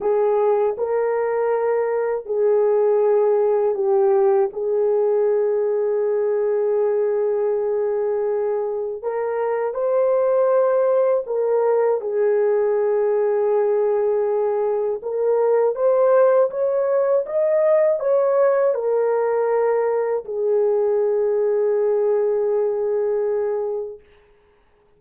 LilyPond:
\new Staff \with { instrumentName = "horn" } { \time 4/4 \tempo 4 = 80 gis'4 ais'2 gis'4~ | gis'4 g'4 gis'2~ | gis'1 | ais'4 c''2 ais'4 |
gis'1 | ais'4 c''4 cis''4 dis''4 | cis''4 ais'2 gis'4~ | gis'1 | }